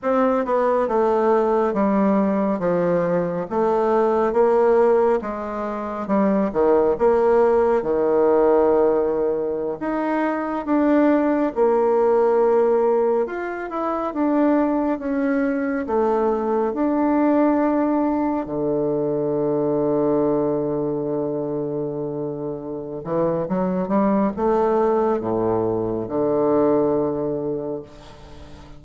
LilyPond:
\new Staff \with { instrumentName = "bassoon" } { \time 4/4 \tempo 4 = 69 c'8 b8 a4 g4 f4 | a4 ais4 gis4 g8 dis8 | ais4 dis2~ dis16 dis'8.~ | dis'16 d'4 ais2 f'8 e'16~ |
e'16 d'4 cis'4 a4 d'8.~ | d'4~ d'16 d2~ d8.~ | d2~ d8 e8 fis8 g8 | a4 a,4 d2 | }